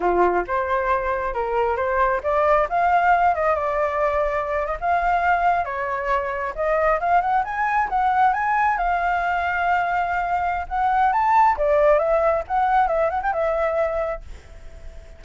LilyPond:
\new Staff \with { instrumentName = "flute" } { \time 4/4 \tempo 4 = 135 f'4 c''2 ais'4 | c''4 d''4 f''4. dis''8 | d''2~ d''8 dis''16 f''4~ f''16~ | f''8. cis''2 dis''4 f''16~ |
f''16 fis''8 gis''4 fis''4 gis''4 f''16~ | f''1 | fis''4 a''4 d''4 e''4 | fis''4 e''8 fis''16 g''16 e''2 | }